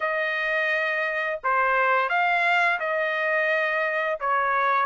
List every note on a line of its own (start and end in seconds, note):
0.00 1.40 D#5
1.43 2.09 C5
2.09 2.79 F5
2.79 4.19 D#5
4.20 4.86 C#5